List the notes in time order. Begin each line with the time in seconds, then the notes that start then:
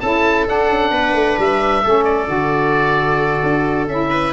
0.00 C#4 E4 A4 A5
0.46 D4 F#5
0.69 C#4
0.91 B3 B4
1.13 A3
1.38 G3 E5
1.83 A3 C#4 A4
2.04 D5
2.27 D3 F#4
3.43 D4
3.87 C#4 E4 E5
4.11 B4